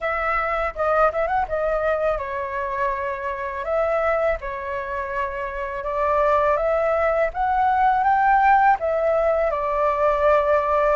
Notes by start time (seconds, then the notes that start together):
0.00 E5
0.75 D#5
1.12 E5
1.27 F#5
1.48 D#5
2.18 C#5
3.64 E5
4.40 C#5
5.84 D5
6.56 E5
7.33 F#5
8.03 G5
8.79 E5
9.50 D5